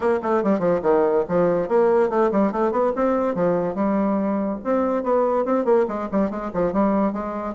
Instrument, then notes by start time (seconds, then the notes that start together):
bassoon
0.00 A#3
0.22 A3
0.43 G3
0.59 F3
0.82 D#3
1.28 F3
1.68 A#3
2.09 A3
2.31 G3
2.52 A3
2.71 B3
2.95 C4
3.34 F3
3.75 G3
4.64 C4
5.03 B3
5.45 C4
5.65 A#3
5.88 G#3
6.11 G3
6.30 G#3
6.53 F3
6.72 G3
7.12 G#3